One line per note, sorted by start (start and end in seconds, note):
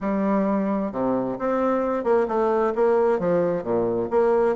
0.01 0.92 G3
0.92 1.37 C3
1.38 2.04 C4
2.04 2.26 A#3
2.27 2.73 A3
2.75 3.19 A#3
3.19 3.63 F3
3.63 4.08 A#2
4.10 4.55 A#3